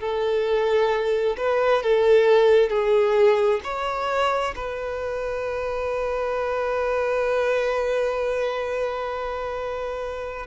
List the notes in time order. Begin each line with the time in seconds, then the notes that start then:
0.00 A4
1.37 B4
1.83 A4
2.69 G#4
3.64 C#5
4.56 B4